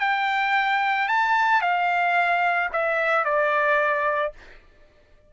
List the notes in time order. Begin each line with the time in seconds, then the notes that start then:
0.00 G5
1.08 A5
1.61 F5
2.72 E5
3.25 D5